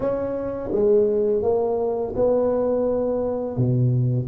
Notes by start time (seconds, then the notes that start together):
0.00 C#4
0.71 G#3
1.42 A#3
2.15 B3
3.56 B2